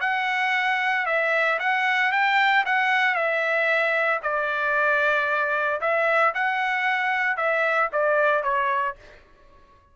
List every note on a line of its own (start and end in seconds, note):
0.00 1.05 F#5
1.06 1.58 E5
1.59 2.11 F#5
2.11 2.64 G5
2.65 3.15 F#5
3.15 4.20 E5
4.22 5.80 D5
5.80 6.33 E5
6.34 7.37 F#5
7.37 7.89 E5
7.92 8.43 D5
8.43 8.95 C#5